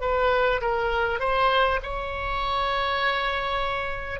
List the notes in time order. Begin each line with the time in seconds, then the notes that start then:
0.00 B4
0.61 A#4
1.19 C5
1.82 C#5